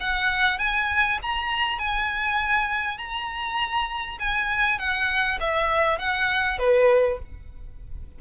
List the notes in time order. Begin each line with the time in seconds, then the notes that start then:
0.00 F#5
0.58 G#5
1.22 A#5
1.78 G#5
2.98 A#5
4.19 G#5
4.79 F#5
5.40 E5
5.98 F#5
6.59 B4